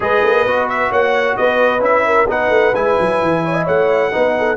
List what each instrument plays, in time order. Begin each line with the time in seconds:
0.00 tuba G#3, trombone G#4, horn B4, trumpet D#5
0.23 tuba A#3
0.46 tuba B3, trombone F#4
0.69 trumpet E5
0.90 tuba A#3, horn C#5, trumpet F#5
1.36 tuba B3, horn B4, trumpet D#5
1.79 tuba C#4, trombone E4, trumpet E5
2.06 horn A#4
2.28 tuba B3, trombone D#4, horn B4, trumpet F#5
2.49 tuba A3
2.72 tuba G#3, trombone E4, trumpet G#5
2.99 tuba F#3
3.21 tuba E3
3.44 horn C#5
3.53 horn D#5
3.65 tuba A3, horn C#5, trumpet F#5
4.11 tuba B3, trombone D#4, horn B4
4.37 horn A4